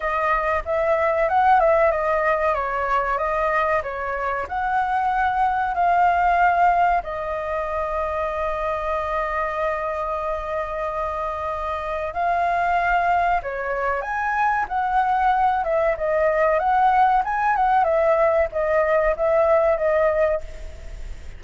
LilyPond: \new Staff \with { instrumentName = "flute" } { \time 4/4 \tempo 4 = 94 dis''4 e''4 fis''8 e''8 dis''4 | cis''4 dis''4 cis''4 fis''4~ | fis''4 f''2 dis''4~ | dis''1~ |
dis''2. f''4~ | f''4 cis''4 gis''4 fis''4~ | fis''8 e''8 dis''4 fis''4 gis''8 fis''8 | e''4 dis''4 e''4 dis''4 | }